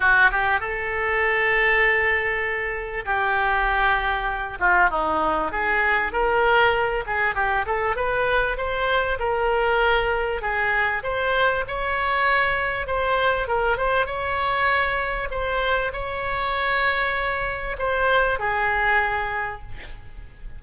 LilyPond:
\new Staff \with { instrumentName = "oboe" } { \time 4/4 \tempo 4 = 98 fis'8 g'8 a'2.~ | a'4 g'2~ g'8 f'8 | dis'4 gis'4 ais'4. gis'8 | g'8 a'8 b'4 c''4 ais'4~ |
ais'4 gis'4 c''4 cis''4~ | cis''4 c''4 ais'8 c''8 cis''4~ | cis''4 c''4 cis''2~ | cis''4 c''4 gis'2 | }